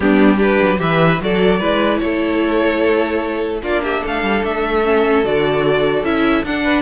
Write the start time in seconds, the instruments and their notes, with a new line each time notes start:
0.00 cello G3, viola B3, violin D4 G4
0.37 viola D4, violin G4 B4
0.61 cello F#3
0.78 cello E3, viola G4, violin B4 E5
1.20 cello F#3, viola F#4, violin A4 D5
1.59 cello G#3, viola E4, violin B4
1.98 cello A3, violin A4 C#5
3.62 cello A#3, viola D4, violin F4 D5
3.83 violin G4 E5
4.01 cello A3, violin A4
4.07 violin F5
4.22 cello G3
4.43 cello A3, violin E5
4.83 viola C#4
5.23 cello D3, viola F#4, violin D5
6.03 cello C#4, viola E4, violin E5
6.43 cello D4, viola D4, violin F#5
6.63 violin B4